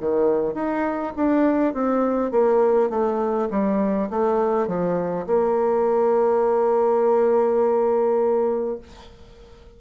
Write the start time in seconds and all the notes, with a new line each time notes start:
0.00 D#3
0.54 D#4
1.16 D4
1.73 C4
2.31 A#3
2.90 A3
3.50 G3
4.10 A3
4.67 F3
5.26 A#3